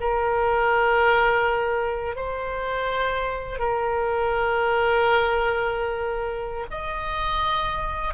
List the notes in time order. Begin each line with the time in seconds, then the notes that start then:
0.00 A#4
2.16 C5
3.59 A#4
6.70 D#5